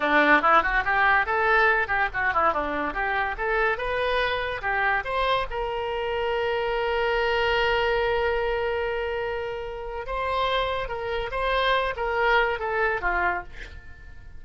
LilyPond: \new Staff \with { instrumentName = "oboe" } { \time 4/4 \tempo 4 = 143 d'4 e'8 fis'8 g'4 a'4~ | a'8 g'8 fis'8 e'8 d'4 g'4 | a'4 b'2 g'4 | c''4 ais'2.~ |
ais'1~ | ais'1 | c''2 ais'4 c''4~ | c''8 ais'4. a'4 f'4 | }